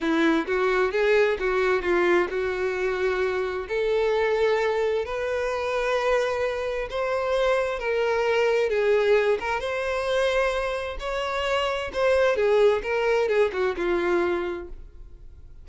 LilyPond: \new Staff \with { instrumentName = "violin" } { \time 4/4 \tempo 4 = 131 e'4 fis'4 gis'4 fis'4 | f'4 fis'2. | a'2. b'4~ | b'2. c''4~ |
c''4 ais'2 gis'4~ | gis'8 ais'8 c''2. | cis''2 c''4 gis'4 | ais'4 gis'8 fis'8 f'2 | }